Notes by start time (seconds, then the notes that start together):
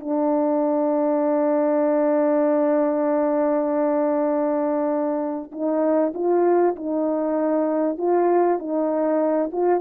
0.00 D4
5.52 D#4
6.14 F4
6.76 D#4
7.98 F4
8.59 D#4
9.53 F4